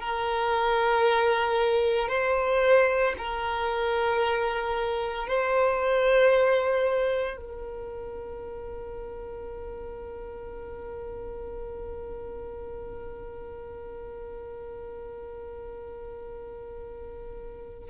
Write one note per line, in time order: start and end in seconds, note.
0.00 2.09 A#4
2.09 3.14 C5
3.18 5.27 A#4
5.27 7.37 C5
7.37 17.89 A#4